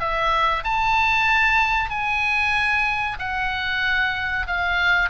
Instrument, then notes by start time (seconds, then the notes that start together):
oboe
0.00 E5
0.64 A5
1.90 G#5
3.19 F#5
4.47 F5